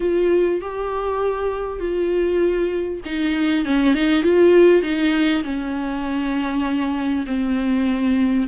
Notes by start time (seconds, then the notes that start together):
0.00 F4
0.61 G4
1.79 F4
3.05 D#4
3.65 C#4
3.94 D#4
4.22 F4
4.82 D#4
5.43 C#4
7.26 C4